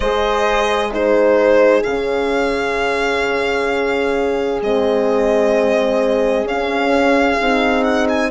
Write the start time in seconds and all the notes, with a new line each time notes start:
0.00 G#3 G#4 C5 D#5
0.91 D#4 G#4 C5
1.83 C#3 C#4 F5
4.61 G#3 C4 D#5
6.43 C#4 F5
7.40 C4 D#4
7.83 F#5
8.08 G#5